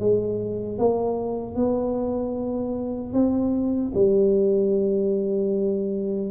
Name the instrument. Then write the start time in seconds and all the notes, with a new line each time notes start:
tuba
0.00 G#3
0.79 A#3
1.56 B3
3.13 C4
3.95 G3